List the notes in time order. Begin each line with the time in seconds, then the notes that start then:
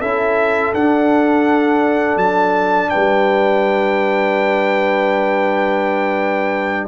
0.00 C#4 E4 A4 E5
0.73 D4 F#5
2.16 F#3 A5
2.89 B4 G5
2.95 G3